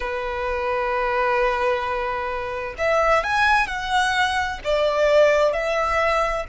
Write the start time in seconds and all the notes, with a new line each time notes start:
0.00 B4
2.77 E5
3.23 G#5
3.67 F#5
4.64 D5
5.53 E5